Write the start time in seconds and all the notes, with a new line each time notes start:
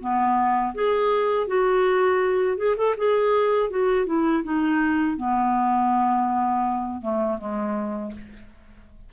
0.00 B3
0.74 G#4
1.47 F#4
2.57 G#4
2.77 A4
2.97 G#4
3.70 F#4
4.06 E4
4.43 D#4
5.17 B3
7.02 A3
7.38 G#3